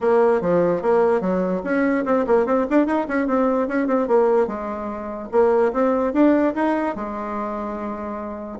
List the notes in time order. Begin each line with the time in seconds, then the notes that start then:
0.00 A#3
0.41 F3
0.82 A#3
1.20 F#3
1.64 C#4
2.05 C4
2.27 A#3
2.45 C4
2.70 D4
2.86 D#4
3.08 C#4
3.27 C4
3.67 C#4
3.87 C4
4.07 A#3
4.47 G#3
5.31 A#3
5.72 C4
6.13 D4
6.55 D#4
6.95 G#3